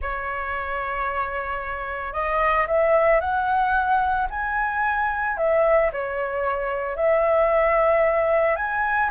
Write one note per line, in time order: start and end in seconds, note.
0.01 2.13 C#5
2.13 2.66 D#5
2.67 3.20 E5
3.20 4.27 F#5
4.30 5.37 G#5
5.37 5.91 E5
5.92 6.96 C#5
6.96 8.55 E5
8.55 9.09 G#5